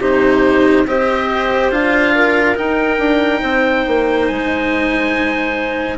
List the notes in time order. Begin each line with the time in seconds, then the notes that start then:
0.00 C3 D#4 G4 C5
0.87 C4 G4 C5 D#5
1.71 D4 F4 F5
2.15 A#4
2.56 D#4 G5
2.99 D4
3.41 C4 C5
3.88 A#3
4.27 G#3 G#5